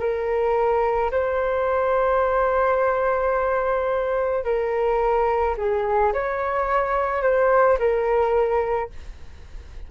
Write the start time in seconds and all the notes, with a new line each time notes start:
0.00 A#4
1.12 C5
4.45 A#4
5.58 G#4
6.14 C#5
7.23 C5
7.79 A#4